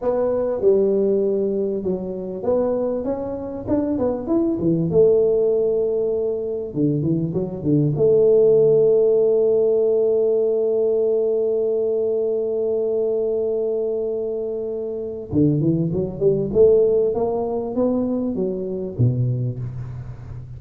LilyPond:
\new Staff \with { instrumentName = "tuba" } { \time 4/4 \tempo 4 = 98 b4 g2 fis4 | b4 cis'4 d'8 b8 e'8 e8 | a2. d8 e8 | fis8 d8 a2.~ |
a1~ | a1~ | a4 d8 e8 fis8 g8 a4 | ais4 b4 fis4 b,4 | }